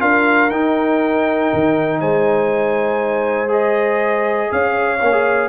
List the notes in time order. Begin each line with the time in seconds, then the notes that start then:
0.00 D4 F4 A#4 F5
0.50 D#4 G5
1.54 D#3
2.01 G#3 C5 G#5
3.49 G#4 D#5
4.52 C#4 C#5 F5
5.02 A#3 C#4
5.13 G#4